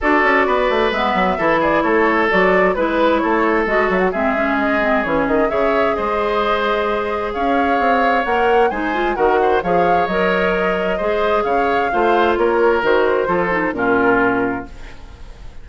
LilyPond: <<
  \new Staff \with { instrumentName = "flute" } { \time 4/4 \tempo 4 = 131 d''2 e''4. d''8 | cis''4 d''4 b'4 cis''4 | dis''8 e''16 fis''16 e''4 dis''4 cis''8 dis''8 | e''4 dis''2. |
f''2 fis''4 gis''4 | fis''4 f''4 dis''2~ | dis''4 f''2 cis''4 | c''2 ais'2 | }
  \new Staff \with { instrumentName = "oboe" } { \time 4/4 a'4 b'2 a'8 gis'8 | a'2 b'4 a'4~ | a'4 gis'2. | cis''4 c''2. |
cis''2. c''4 | ais'8 c''8 cis''2. | c''4 cis''4 c''4 ais'4~ | ais'4 a'4 f'2 | }
  \new Staff \with { instrumentName = "clarinet" } { \time 4/4 fis'2 b4 e'4~ | e'4 fis'4 e'2 | fis'4 c'8 cis'4 c'8 cis'4 | gis'1~ |
gis'2 ais'4 dis'8 f'8 | fis'4 gis'4 ais'2 | gis'2 f'2 | fis'4 f'8 dis'8 cis'2 | }
  \new Staff \with { instrumentName = "bassoon" } { \time 4/4 d'8 cis'8 b8 a8 gis8 fis8 e4 | a4 fis4 gis4 a4 | gis8 fis8 gis2 e8 dis8 | cis4 gis2. |
cis'4 c'4 ais4 gis4 | dis4 f4 fis2 | gis4 cis4 a4 ais4 | dis4 f4 ais,2 | }
>>